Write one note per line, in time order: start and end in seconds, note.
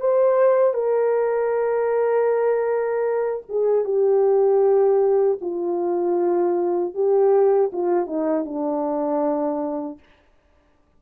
0.00 0.73 C5
0.73 3.43 A#4
3.49 3.84 G#4
3.84 5.38 G4
5.41 6.94 F4
6.94 7.71 G4
7.72 8.06 F4
8.06 8.45 D#4
8.45 9.99 D4